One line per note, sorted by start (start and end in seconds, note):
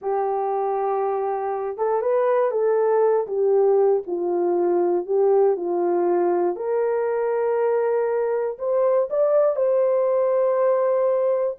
0.01 1.77 G4
1.77 2.01 A4
2.01 2.51 B4
2.51 3.26 A4
3.27 4.02 G4
4.06 5.06 F4
5.06 5.56 G4
5.56 6.56 F4
6.56 8.57 A#4
8.58 9.08 C5
9.10 9.55 D5
9.55 11.57 C5